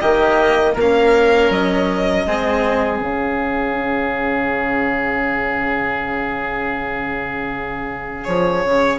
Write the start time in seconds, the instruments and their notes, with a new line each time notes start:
0.00 bassoon D#3, cello A#3, oboe G4, violin D#5
0.73 bassoon A#3, oboe A#4
0.80 cello C#4, violin F5
1.50 bassoon F#3, violin D#5
2.26 bassoon G#3, cello C4, oboe G#4
3.00 bassoon C#3, cello C#4, violin F5
8.24 bassoon F3, violin C#5
8.65 bassoon C#3